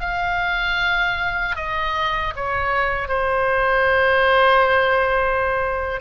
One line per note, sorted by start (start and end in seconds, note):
0.00 1.56 F5
1.56 2.34 D#5
2.36 3.08 C#5
3.08 6.00 C5